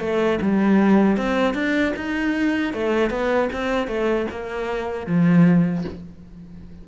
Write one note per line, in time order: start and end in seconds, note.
0.00 0.39 A3
0.42 1.17 G3
1.17 1.54 C4
1.54 1.93 D4
1.97 2.74 D#4
2.74 3.10 A3
3.10 3.49 B3
3.53 3.87 C4
3.87 4.26 A3
4.31 5.07 A#3
5.07 5.85 F3